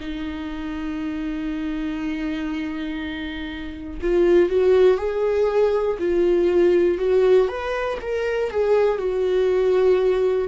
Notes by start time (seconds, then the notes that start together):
0.00 D#4
4.01 F4
4.49 F#4
4.97 G#4
5.99 F4
6.98 F#4
7.48 B4
8.01 A#4
8.50 G#4
8.98 F#4